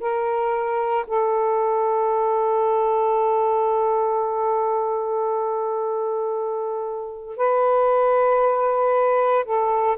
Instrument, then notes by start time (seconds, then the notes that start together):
saxophone
0.00 A#4
1.07 A4
7.37 B4
9.44 A4